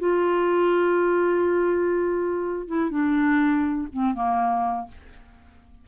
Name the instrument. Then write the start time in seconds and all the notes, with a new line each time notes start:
clarinet
0.00 F4
2.68 E4
2.91 D4
3.93 C4
4.15 A#3